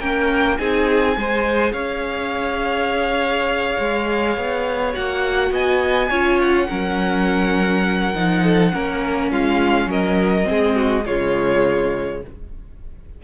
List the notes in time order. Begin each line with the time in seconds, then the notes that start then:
0.00 A#3 C#4 A#4 G5
0.58 C4 D#4 G#4 G#5
1.17 G#3 G#4 C5
1.73 C#4 C#5 F5
3.79 G#3
4.37 B3
4.93 A#3 F#4 F#5
5.51 B3 D#5 G#5
6.09 C#4 F4 C#5
6.41 F#5
6.69 F#3 C#4 A#4
8.15 F3 D#4
8.43 A4
8.73 A#3 C#4 A#4
9.31 G#3 F4 F5
9.87 F#3 A#4 D#5
10.44 C4 G#4
10.51 G#3
10.76 F#4
11.05 C#3 G#3 F4 C#5